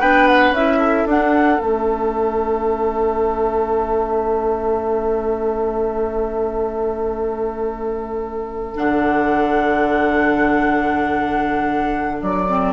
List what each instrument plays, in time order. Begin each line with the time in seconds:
0.00 bassoon B3, clarinet D4, oboe B4, flute G5
0.27 flute F#5
0.51 bassoon C#4, clarinet E4, flute E5
0.79 oboe A4
1.06 bassoon D4, clarinet D4, flute F#5
1.59 bassoon A3, clarinet C#4, flute E5
8.75 bassoon D3, clarinet D4, flute F#5
12.22 bassoon F#3, flute D5
12.49 clarinet C4